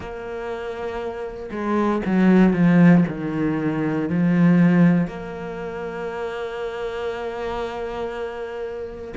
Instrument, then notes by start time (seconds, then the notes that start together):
cello
0.00 A#3
1.51 G#3
2.05 F#3
2.53 F3
3.07 D#3
4.09 F3
5.07 A#3